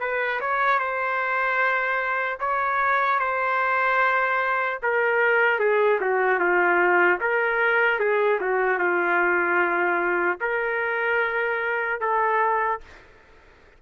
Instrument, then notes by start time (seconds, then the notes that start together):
trumpet
0.00 B4
0.41 C#5
0.79 C5
2.40 C#5
3.19 C5
4.83 A#4
5.59 G#4
6.00 F#4
6.39 F4
7.20 A#4
7.99 G#4
8.41 F#4
8.79 F4
10.40 A#4
12.00 A4